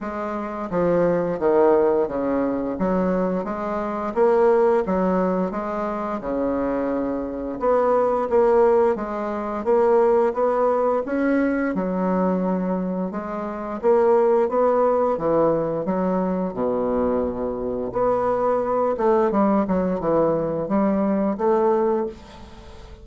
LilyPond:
\new Staff \with { instrumentName = "bassoon" } { \time 4/4 \tempo 4 = 87 gis4 f4 dis4 cis4 | fis4 gis4 ais4 fis4 | gis4 cis2 b4 | ais4 gis4 ais4 b4 |
cis'4 fis2 gis4 | ais4 b4 e4 fis4 | b,2 b4. a8 | g8 fis8 e4 g4 a4 | }